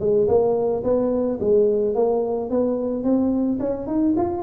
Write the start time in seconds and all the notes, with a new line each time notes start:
0.00 G#3
0.28 A#3
0.84 B3
1.40 G#3
1.95 A#3
2.50 B3
3.04 C4
3.60 C#4
3.87 D#4
4.17 F4